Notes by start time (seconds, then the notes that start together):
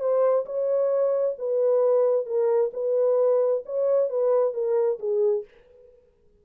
0.00 C5
0.45 C#5
1.38 B4
2.26 A#4
2.73 B4
3.65 C#5
4.09 B4
4.54 A#4
4.99 G#4